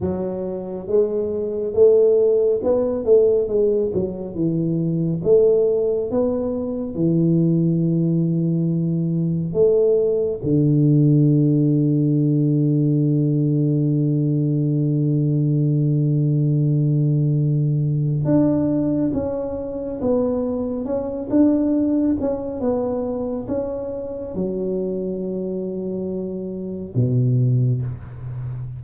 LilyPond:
\new Staff \with { instrumentName = "tuba" } { \time 4/4 \tempo 4 = 69 fis4 gis4 a4 b8 a8 | gis8 fis8 e4 a4 b4 | e2. a4 | d1~ |
d1~ | d4 d'4 cis'4 b4 | cis'8 d'4 cis'8 b4 cis'4 | fis2. b,4 | }